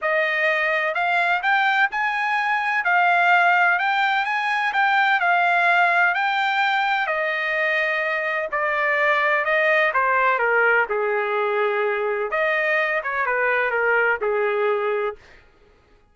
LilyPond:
\new Staff \with { instrumentName = "trumpet" } { \time 4/4 \tempo 4 = 127 dis''2 f''4 g''4 | gis''2 f''2 | g''4 gis''4 g''4 f''4~ | f''4 g''2 dis''4~ |
dis''2 d''2 | dis''4 c''4 ais'4 gis'4~ | gis'2 dis''4. cis''8 | b'4 ais'4 gis'2 | }